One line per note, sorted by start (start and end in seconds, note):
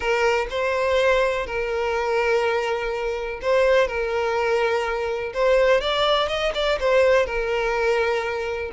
0.00 0.47 A#4
0.50 1.46 C5
1.46 3.40 A#4
3.41 3.87 C5
3.87 5.32 A#4
5.33 5.80 C5
5.80 6.28 D5
6.28 6.52 D#5
6.54 6.78 D5
6.80 7.26 C5
7.26 8.71 A#4